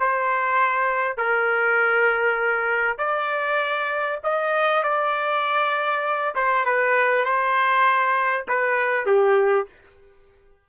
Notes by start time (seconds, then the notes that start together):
0.00 C5
1.18 A#4
2.98 D5
4.24 D#5
4.83 D5
6.36 C5
6.66 B4
7.25 C5
8.48 B4
9.06 G4